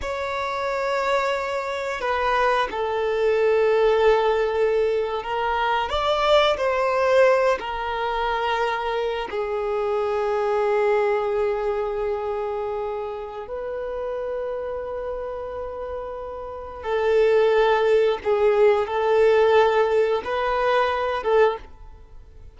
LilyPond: \new Staff \with { instrumentName = "violin" } { \time 4/4 \tempo 4 = 89 cis''2. b'4 | a'2.~ a'8. ais'16~ | ais'8. d''4 c''4. ais'8.~ | ais'4.~ ais'16 gis'2~ gis'16~ |
gis'1 | b'1~ | b'4 a'2 gis'4 | a'2 b'4. a'8 | }